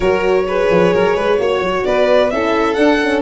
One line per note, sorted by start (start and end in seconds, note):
0.00 0.66 F#3
0.00 0.47 F#4
0.00 0.45 A#4
0.00 1.83 C#5
0.48 1.38 G#4
0.48 0.93 B4
0.70 0.93 F3
0.93 1.15 F#3
0.93 1.15 A#4
1.15 1.38 G#3
1.15 1.38 B4
1.38 1.60 A#3
1.38 2.30 F#4
1.38 1.86 C#5
1.60 1.83 F#3
1.84 2.32 B3
1.84 2.32 B4
1.84 2.30 D5
2.30 2.76 C#4
2.30 2.75 E4
2.30 3.22 A4
2.30 2.73 E5
2.73 2.98 D4
2.73 3.22 D4
2.73 3.20 F#5
3.01 3.22 C#4